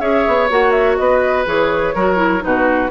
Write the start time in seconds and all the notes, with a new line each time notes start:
0.00 C#4 G#4 C#5 E5
0.28 B3
0.50 A#3 F#4 F#5
0.71 E5
0.97 B3 B4 D#5
1.46 E3 G#4 C#5
1.95 F#3 F#4 A#4
2.16 E4
2.41 B2 D#4 F#4 B4